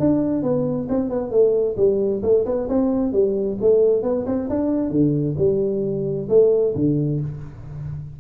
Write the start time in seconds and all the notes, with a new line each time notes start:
0.00 D4
0.43 B3
0.89 C4
1.09 B3
1.31 A3
1.77 G3
2.23 A3
2.45 B3
2.69 C4
3.13 G3
3.61 A3
4.03 B3
4.26 C4
4.50 D4
4.90 D3
5.38 G3
6.29 A3
6.75 D3